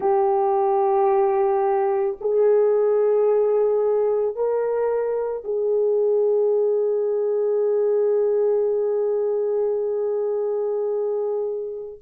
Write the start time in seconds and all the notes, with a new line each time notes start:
0.00 G4
2.20 G#4
4.35 A#4
5.43 G#4